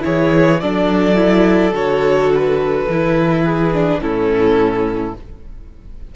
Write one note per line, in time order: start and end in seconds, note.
0.00 0.57 E4
0.00 0.61 G#4
0.00 0.61 C#5
0.06 0.63 E3
0.61 1.73 F#3
0.61 1.15 D4
0.61 3.44 A4
0.61 1.74 D5
1.15 1.72 E4
1.73 2.86 D3
1.73 2.87 F#4
1.73 2.33 C#5
2.34 4.02 B4
2.89 4.00 E3
2.89 3.74 E4
3.44 4.01 G#4
3.74 4.01 D4
4.00 5.13 A2
4.00 5.15 C#4
4.00 5.16 E4
4.00 5.15 A4